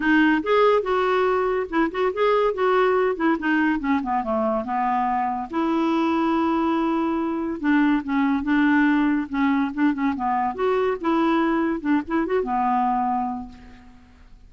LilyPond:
\new Staff \with { instrumentName = "clarinet" } { \time 4/4 \tempo 4 = 142 dis'4 gis'4 fis'2 | e'8 fis'8 gis'4 fis'4. e'8 | dis'4 cis'8 b8 a4 b4~ | b4 e'2.~ |
e'2 d'4 cis'4 | d'2 cis'4 d'8 cis'8 | b4 fis'4 e'2 | d'8 e'8 fis'8 b2~ b8 | }